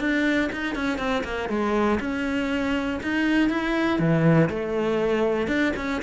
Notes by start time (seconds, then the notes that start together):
0.00 D4
0.53 D#4
0.75 C#4
0.98 C4
1.24 A#3
1.49 G#3
2.00 C#4
3.03 D#4
3.50 E4
3.99 E3
4.50 A3
5.48 D4
5.77 C#4